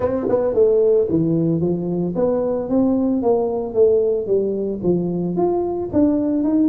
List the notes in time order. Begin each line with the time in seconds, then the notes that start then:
0.00 C4
0.28 B3
0.54 A3
1.09 E3
1.60 F3
2.15 B3
2.69 C4
3.22 A#3
3.74 A3
4.26 G3
4.83 F3
5.36 F4
5.92 D4
6.43 D#4